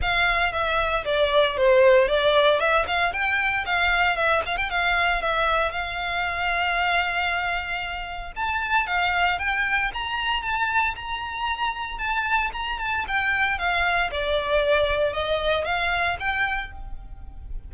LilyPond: \new Staff \with { instrumentName = "violin" } { \time 4/4 \tempo 4 = 115 f''4 e''4 d''4 c''4 | d''4 e''8 f''8 g''4 f''4 | e''8 f''16 g''16 f''4 e''4 f''4~ | f''1 |
a''4 f''4 g''4 ais''4 | a''4 ais''2 a''4 | ais''8 a''8 g''4 f''4 d''4~ | d''4 dis''4 f''4 g''4 | }